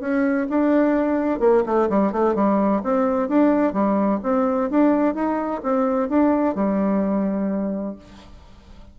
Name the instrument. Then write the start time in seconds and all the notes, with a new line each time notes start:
bassoon
0.00 C#4
0.49 D4
1.40 A#3
1.66 A3
1.89 G3
2.12 A3
2.35 G3
2.83 C4
3.29 D4
3.73 G3
4.23 C4
4.70 D4
5.14 D#4
5.63 C4
6.09 D4
6.55 G3